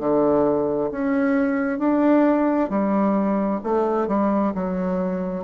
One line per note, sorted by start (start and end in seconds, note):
0.00 0.91 D3
0.92 1.79 C#4
1.79 2.70 D4
2.70 3.61 G3
3.64 4.08 A3
4.08 4.53 G3
4.55 5.45 F#3